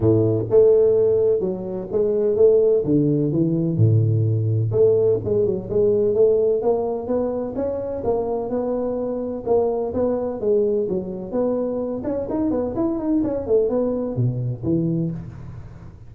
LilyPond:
\new Staff \with { instrumentName = "tuba" } { \time 4/4 \tempo 4 = 127 a,4 a2 fis4 | gis4 a4 d4 e4 | a,2 a4 gis8 fis8 | gis4 a4 ais4 b4 |
cis'4 ais4 b2 | ais4 b4 gis4 fis4 | b4. cis'8 dis'8 b8 e'8 dis'8 | cis'8 a8 b4 b,4 e4 | }